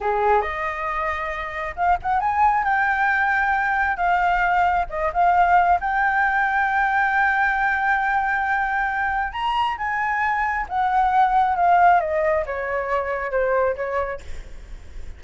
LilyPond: \new Staff \with { instrumentName = "flute" } { \time 4/4 \tempo 4 = 135 gis'4 dis''2. | f''8 fis''8 gis''4 g''2~ | g''4 f''2 dis''8 f''8~ | f''4 g''2.~ |
g''1~ | g''4 ais''4 gis''2 | fis''2 f''4 dis''4 | cis''2 c''4 cis''4 | }